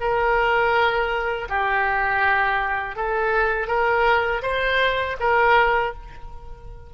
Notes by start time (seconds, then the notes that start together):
0.00 A#4
1.49 G4
2.96 A4
3.67 A#4
4.42 C5
5.20 A#4